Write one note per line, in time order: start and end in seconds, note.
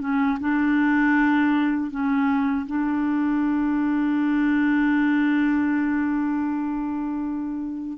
0.00 0.38 C#4
0.40 1.90 D4
1.90 2.66 C#4
2.66 7.97 D4